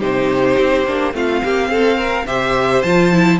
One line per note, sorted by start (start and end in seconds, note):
0.00 0.58 C3
0.00 0.85 D#4
0.00 1.13 G4
0.00 1.14 C5
0.58 0.87 C4
0.87 1.14 A#3
0.87 1.13 D4
1.13 1.43 A3
1.13 2.26 C4
1.13 1.44 F4
1.13 2.27 F5
1.44 1.68 A#3
1.44 1.71 G4
1.68 2.25 C4
1.68 1.98 A4
1.98 2.26 A#4
2.27 2.84 C3
2.27 2.83 G4
2.27 3.40 C5
2.27 2.83 E5
2.83 3.40 F3
2.83 3.13 F4
2.83 3.39 A5
3.13 3.40 E4